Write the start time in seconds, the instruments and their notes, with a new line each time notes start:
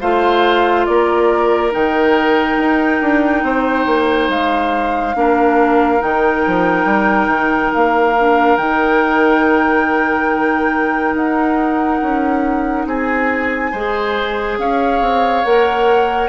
0.00 bassoon A3, clarinet F4, oboe C5, flute F5
0.85 bassoon A#3, oboe A#4, flute D5
1.71 bassoon D#3, clarinet D#4, flute G5
2.57 bassoon D#4
3.01 bassoon D4
3.42 bassoon C4, oboe C5
3.86 bassoon A#3
4.29 bassoon G#3, flute F5
5.14 bassoon A#3, clarinet D4, oboe A#4
5.99 bassoon D#3, clarinet D#4, flute G5
6.46 bassoon F3
6.85 bassoon G3
7.27 bassoon D#3
7.73 bassoon A#3, flute F5
8.19 clarinet D4
8.56 bassoon D#3, clarinet D#4, flute G5
11.14 bassoon D#4, flute F#5
12.02 bassoon C#4
12.86 bassoon C4, oboe G#4, flute G#5
13.71 bassoon G#3, clarinet G#4, oboe C5
14.58 bassoon C#4, oboe C#5, flute F5
15.00 bassoon C4
15.44 bassoon A#3, clarinet A#4, flute F#5